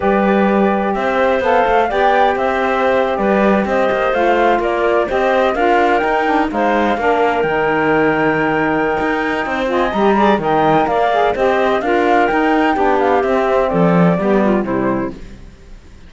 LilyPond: <<
  \new Staff \with { instrumentName = "flute" } { \time 4/4 \tempo 4 = 127 d''2 e''4 f''4 | g''4 e''4.~ e''16 d''4 dis''16~ | dis''8. f''4 d''4 dis''4 f''16~ | f''8. g''4 f''2 g''16~ |
g''1~ | g''8 gis''8 ais''4 g''4 f''4 | dis''4 f''4 g''4. f''8 | e''4 d''2 c''4 | }
  \new Staff \with { instrumentName = "clarinet" } { \time 4/4 b'2 c''2 | d''4 c''4.~ c''16 b'4 c''16~ | c''4.~ c''16 ais'4 c''4 ais'16~ | ais'4.~ ais'16 c''4 ais'4~ ais'16~ |
ais'1 | c''8 dis''4 d''8 dis''4 d''4 | c''4 ais'2 g'4~ | g'4 a'4 g'8 f'8 e'4 | }
  \new Staff \with { instrumentName = "saxophone" } { \time 4/4 g'2. a'4 | g'1~ | g'8. f'2 g'4 f'16~ | f'8. dis'8 d'8 dis'4 d'4 dis'16~ |
dis'1~ | dis'8 f'8 g'8 gis'8 ais'4. gis'8 | g'4 f'4 dis'4 d'4 | c'2 b4 g4 | }
  \new Staff \with { instrumentName = "cello" } { \time 4/4 g2 c'4 b8 a8 | b4 c'4.~ c'16 g4 c'16~ | c'16 ais8 a4 ais4 c'4 d'16~ | d'8. dis'4 gis4 ais4 dis16~ |
dis2. dis'4 | c'4 g4 dis4 ais4 | c'4 d'4 dis'4 b4 | c'4 f4 g4 c4 | }
>>